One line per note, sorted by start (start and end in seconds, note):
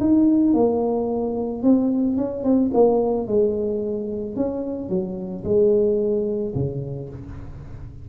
0.00 0.54 D#4
0.54 1.63 A#3
1.63 2.17 C4
2.17 2.44 C#4
2.44 2.71 C4
2.74 3.28 A#3
3.28 4.36 G#3
4.36 4.89 C#4
4.89 5.44 F#3
5.44 6.53 G#3
6.55 7.09 C#3